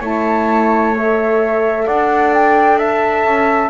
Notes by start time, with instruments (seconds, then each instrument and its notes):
0.00 double bass A3, horn E4, trumpet C#5, flute A5
0.95 horn A4, flute E5
1.86 double bass D4, trumpet D5, flute F#5
2.33 flute G5
2.78 trumpet E5, flute A5
3.25 double bass C#4